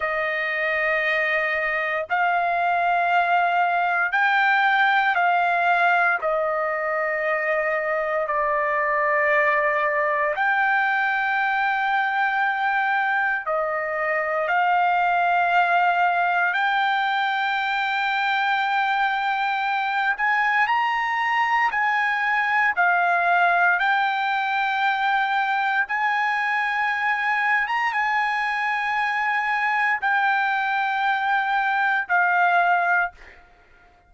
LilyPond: \new Staff \with { instrumentName = "trumpet" } { \time 4/4 \tempo 4 = 58 dis''2 f''2 | g''4 f''4 dis''2 | d''2 g''2~ | g''4 dis''4 f''2 |
g''2.~ g''8 gis''8 | ais''4 gis''4 f''4 g''4~ | g''4 gis''4.~ gis''16 ais''16 gis''4~ | gis''4 g''2 f''4 | }